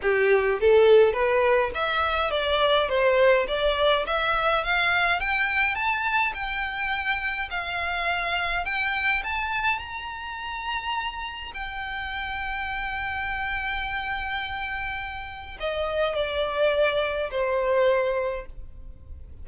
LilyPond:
\new Staff \with { instrumentName = "violin" } { \time 4/4 \tempo 4 = 104 g'4 a'4 b'4 e''4 | d''4 c''4 d''4 e''4 | f''4 g''4 a''4 g''4~ | g''4 f''2 g''4 |
a''4 ais''2. | g''1~ | g''2. dis''4 | d''2 c''2 | }